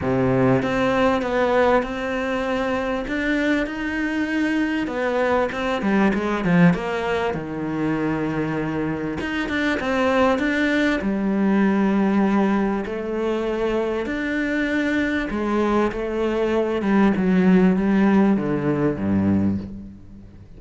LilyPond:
\new Staff \with { instrumentName = "cello" } { \time 4/4 \tempo 4 = 98 c4 c'4 b4 c'4~ | c'4 d'4 dis'2 | b4 c'8 g8 gis8 f8 ais4 | dis2. dis'8 d'8 |
c'4 d'4 g2~ | g4 a2 d'4~ | d'4 gis4 a4. g8 | fis4 g4 d4 g,4 | }